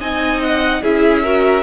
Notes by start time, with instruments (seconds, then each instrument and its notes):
0.00 cello C4, viola D#4, violin D#5 G#5
0.42 violin F#5
0.82 cello C#4, viola E4, violin G#4 E5
1.23 viola F#4, violin A#4